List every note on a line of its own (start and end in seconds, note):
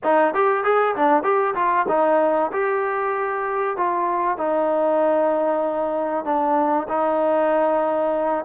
0.03 0.34 D#4
0.34 0.64 G4
0.64 0.95 G#4
0.95 1.23 D4
1.23 1.54 G4
1.55 1.86 F4
1.88 2.51 D#4
2.52 3.76 G4
3.76 4.37 F4
4.37 6.24 D#4
6.24 6.87 D4
6.88 8.44 D#4